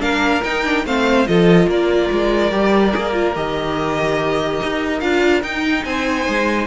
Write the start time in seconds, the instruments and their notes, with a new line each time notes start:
0.00 cello A#3, viola D4, violin A#4 F5
0.44 cello D#4, viola D#4, violin G5
0.65 viola D4
0.86 cello A3, viola C4, violin C5 F5
1.27 cello F3, viola F4, violin A4 D#5
1.68 cello A#3, violin A#4 D5
2.12 cello G#3
2.51 cello G3, viola G4
2.94 cello A#3, viola G#4
3.14 viola F4
3.35 cello D#3, viola G4, violin D#5
4.63 cello D#4
5.01 cello D4, viola F4, violin F5
5.43 cello D#4, viola D#4, violin G5
5.85 cello C4, violin C5 G#5
6.29 cello G#3